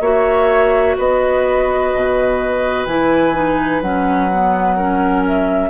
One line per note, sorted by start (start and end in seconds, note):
0.00 0.95 A#3
0.00 2.88 F#4
0.00 0.96 C#5
0.00 0.96 E5
0.97 1.94 B3
0.97 4.76 B4
0.97 2.86 D#5
1.94 2.86 B2
2.86 3.81 E3
2.86 3.34 E4
2.86 3.81 G#5
3.34 3.81 D#4
3.81 5.69 F#3
3.81 4.31 C#4
3.81 5.24 F#5
4.32 4.78 B3
4.76 5.69 C#4
4.76 5.69 A#4
5.27 5.69 E5